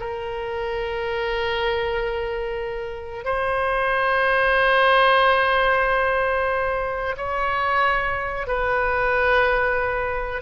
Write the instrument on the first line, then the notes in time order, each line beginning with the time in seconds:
oboe
0.00 A#4
3.25 C5
7.17 C#5
8.47 B4